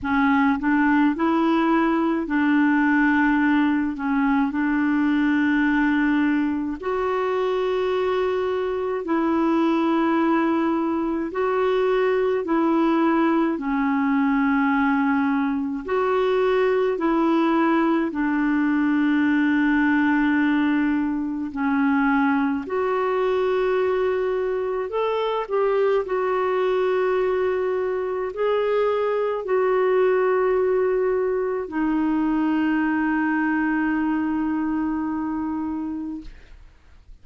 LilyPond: \new Staff \with { instrumentName = "clarinet" } { \time 4/4 \tempo 4 = 53 cis'8 d'8 e'4 d'4. cis'8 | d'2 fis'2 | e'2 fis'4 e'4 | cis'2 fis'4 e'4 |
d'2. cis'4 | fis'2 a'8 g'8 fis'4~ | fis'4 gis'4 fis'2 | dis'1 | }